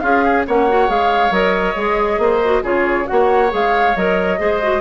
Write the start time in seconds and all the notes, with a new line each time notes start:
0.00 C#4 F4 G#4 F5
0.24 G#4
0.47 A#3 C#4 C#5 F#5
0.69 F#4
0.88 G#3 G#4 F5
1.31 F#3 A#4 D#5
1.76 G#3 G#4
2.18 A#3 C5
2.45 F#4
2.63 C#3 F4 G#4 C#5
3.06 A#3 F#4 F#5
3.13 C#5
3.50 G#3 G#4 F5
3.96 F#3 A#4 D#5
4.39 G#3 G#4 C5
4.62 F#4